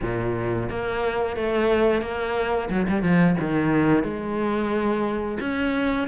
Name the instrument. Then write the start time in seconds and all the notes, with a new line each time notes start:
cello
0.02 A#2
0.69 A#3
1.36 A3
2.01 A#3
2.70 F#3
2.88 G3
3.02 F3
3.39 D#3
4.03 G#3
5.40 C#4